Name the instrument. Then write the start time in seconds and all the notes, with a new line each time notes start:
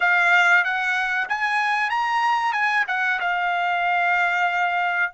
trumpet
0.00 F5
0.64 F#5
1.28 G#5
1.90 A#5
2.52 G#5
2.87 F#5
3.20 F5